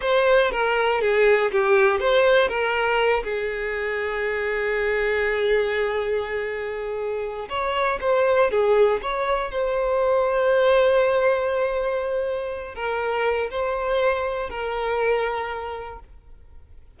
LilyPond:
\new Staff \with { instrumentName = "violin" } { \time 4/4 \tempo 4 = 120 c''4 ais'4 gis'4 g'4 | c''4 ais'4. gis'4.~ | gis'1~ | gis'2. cis''4 |
c''4 gis'4 cis''4 c''4~ | c''1~ | c''4. ais'4. c''4~ | c''4 ais'2. | }